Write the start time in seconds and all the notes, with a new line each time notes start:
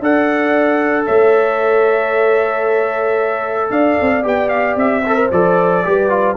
0.00 D4 A4 D5 F#5
1.05 A3 C#5 E5
3.70 D4 D5 F5
4.01 C4
4.23 B3 G4 G5
4.48 F5
4.76 C4 E5
5.05 A4 C5
5.15 A#4
5.31 F3 A4 D5
5.84 G3 G4 B4
6.09 F4